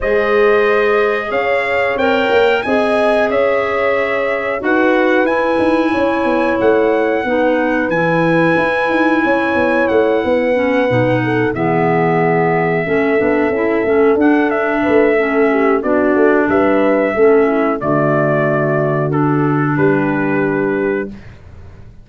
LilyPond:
<<
  \new Staff \with { instrumentName = "trumpet" } { \time 4/4 \tempo 4 = 91 dis''2 f''4 g''4 | gis''4 e''2 fis''4 | gis''2 fis''2 | gis''2. fis''4~ |
fis''4. e''2~ e''8~ | e''4. fis''8 e''2 | d''4 e''2 d''4~ | d''4 a'4 b'2 | }
  \new Staff \with { instrumentName = "horn" } { \time 4/4 c''2 cis''2 | dis''4 cis''2 b'4~ | b'4 cis''2 b'4~ | b'2 cis''4. b'8~ |
b'4 a'8 gis'2 a'8~ | a'2~ a'8 b'8 a'8 g'8 | fis'4 b'4 a'8 e'8 fis'4~ | fis'2 g'2 | }
  \new Staff \with { instrumentName = "clarinet" } { \time 4/4 gis'2. ais'4 | gis'2. fis'4 | e'2. dis'4 | e'1 |
cis'8 dis'4 b2 cis'8 | d'8 e'8 cis'8 d'4. cis'4 | d'2 cis'4 a4~ | a4 d'2. | }
  \new Staff \with { instrumentName = "tuba" } { \time 4/4 gis2 cis'4 c'8 ais8 | c'4 cis'2 dis'4 | e'8 dis'8 cis'8 b8 a4 b4 | e4 e'8 dis'8 cis'8 b8 a8 b8~ |
b8 b,4 e2 a8 | b8 cis'8 a8 d'4 a4. | b8 a8 g4 a4 d4~ | d2 g2 | }
>>